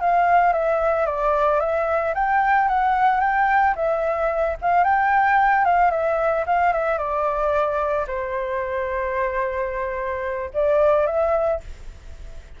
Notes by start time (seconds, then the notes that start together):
0.00 F5
0.52 E5
1.05 D5
1.60 E5
2.14 G5
2.68 F#5
3.20 G5
3.75 E5
4.61 F5
4.84 G5
5.64 F5
5.90 E5
6.46 F5
6.72 E5
6.98 D5
8.07 C5
10.53 D5
11.06 E5